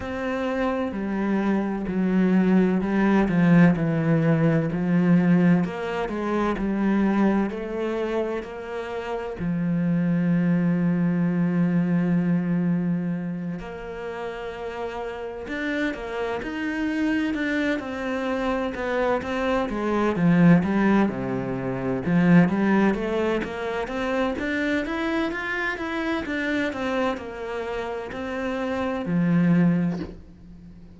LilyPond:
\new Staff \with { instrumentName = "cello" } { \time 4/4 \tempo 4 = 64 c'4 g4 fis4 g8 f8 | e4 f4 ais8 gis8 g4 | a4 ais4 f2~ | f2~ f8 ais4.~ |
ais8 d'8 ais8 dis'4 d'8 c'4 | b8 c'8 gis8 f8 g8 c4 f8 | g8 a8 ais8 c'8 d'8 e'8 f'8 e'8 | d'8 c'8 ais4 c'4 f4 | }